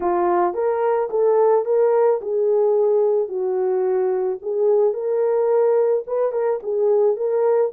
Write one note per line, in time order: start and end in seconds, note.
0.00 0.54 F4
0.54 1.09 A#4
1.10 1.65 A4
1.65 2.20 A#4
2.21 3.28 G#4
3.28 4.38 F#4
4.42 4.93 G#4
4.93 6.03 A#4
6.07 6.32 B4
6.32 6.59 A#4
6.62 7.16 G#4
7.16 7.71 A#4